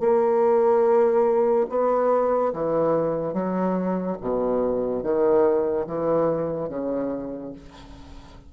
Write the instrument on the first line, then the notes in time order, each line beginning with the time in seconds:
bassoon
0.00 A#3
1.69 B3
2.53 E3
3.34 F#3
4.21 B2
5.03 D#3
5.87 E3
6.69 C#3